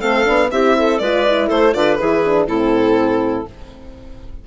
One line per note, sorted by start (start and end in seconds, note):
0.00 0.27 A3
0.00 0.25 C4
0.00 0.49 A4
0.00 0.50 F5
0.25 0.52 B3
0.25 0.50 D4
0.52 1.00 C4
0.52 1.02 E4
0.52 0.77 G4
0.52 0.99 E5
0.78 1.02 A4
0.99 1.50 G#3
0.99 1.27 F4
0.99 1.48 B4
0.99 1.48 D5
1.27 1.74 E4
1.48 1.75 A3
1.48 1.73 A4
1.48 1.75 C5
1.74 1.99 D3
1.74 1.99 F4
1.74 2.00 B4
1.74 1.95 D5
1.95 2.25 E4
1.95 2.47 G#4
1.95 2.45 B4
2.02 2.47 E3
2.26 2.49 D4
2.47 3.46 A2
2.47 3.47 C4
2.47 3.46 E4
2.47 3.47 A4